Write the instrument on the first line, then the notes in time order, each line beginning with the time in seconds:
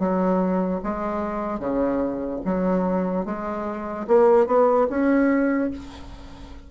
bassoon
0.00 F#3
0.84 G#3
1.60 C#3
2.45 F#3
3.26 G#3
4.08 A#3
4.47 B3
4.90 C#4